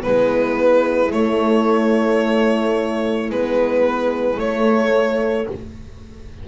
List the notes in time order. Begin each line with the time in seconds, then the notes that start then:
0.00 B3 E4 B4
0.06 G#3
1.11 A3 C#5
3.30 G#3 B3 B4
4.37 A3 C#5